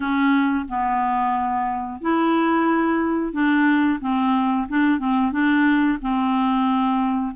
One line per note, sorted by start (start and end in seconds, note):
0.00 0.65 C#4
0.68 2.01 B3
2.01 3.32 E4
3.32 3.99 D4
4.01 4.67 C4
4.68 4.99 D4
4.99 5.32 C4
5.32 5.98 D4
6.01 7.35 C4